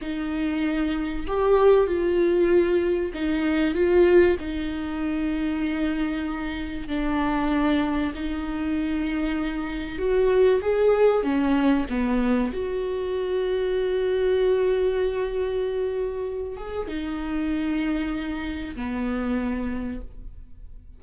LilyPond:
\new Staff \with { instrumentName = "viola" } { \time 4/4 \tempo 4 = 96 dis'2 g'4 f'4~ | f'4 dis'4 f'4 dis'4~ | dis'2. d'4~ | d'4 dis'2. |
fis'4 gis'4 cis'4 b4 | fis'1~ | fis'2~ fis'8 gis'8 dis'4~ | dis'2 b2 | }